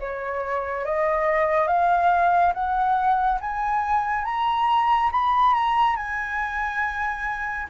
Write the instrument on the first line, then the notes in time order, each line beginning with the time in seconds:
flute
0.00 C#5
0.85 D#5
1.68 F5
2.54 F#5
3.41 G#5
4.25 A#5
5.12 B5
5.54 A#5
5.96 G#5